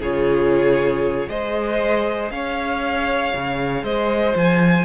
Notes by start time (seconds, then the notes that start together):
0.00 C#3 F4 G#4 C#5
1.28 G#3 G#4 C5 D#5
2.31 C#4 C#5 F5
3.34 C#3
3.83 G#3 C5 D#5
4.35 F3 G#5